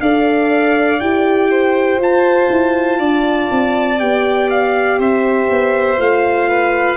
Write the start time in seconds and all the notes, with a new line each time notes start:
0.00 D4 A4 D5 F5
1.00 E4 G4 G5
1.51 C5
1.98 F4 A5
2.50 E4
2.99 D4 D5
3.51 C4
3.99 B3 G4 G5
4.50 F5
4.99 C4 C5 E5
5.50 B3
5.98 A3 F4 F5
6.49 B4